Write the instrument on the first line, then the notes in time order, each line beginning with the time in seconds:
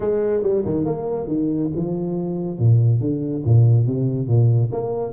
tuba
0.00 G#3
0.42 G3
0.65 D#3
0.85 A#3
1.27 D#3
1.75 F3
2.58 A#2
3.00 D3
3.44 A#2
3.86 C3
4.27 A#2
4.72 A#3